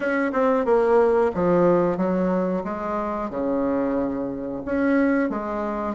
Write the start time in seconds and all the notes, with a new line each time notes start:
0.00 C#4
0.32 C4
0.65 A#3
1.34 F3
1.97 F#3
2.64 G#3
3.30 C#3
4.65 C#4
5.29 G#3